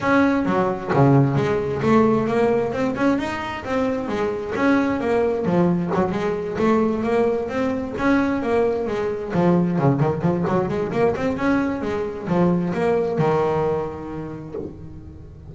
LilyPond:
\new Staff \with { instrumentName = "double bass" } { \time 4/4 \tempo 4 = 132 cis'4 fis4 cis4 gis4 | a4 ais4 c'8 cis'8 dis'4 | c'4 gis4 cis'4 ais4 | f4 fis8 gis4 a4 ais8~ |
ais8 c'4 cis'4 ais4 gis8~ | gis8 f4 cis8 dis8 f8 fis8 gis8 | ais8 c'8 cis'4 gis4 f4 | ais4 dis2. | }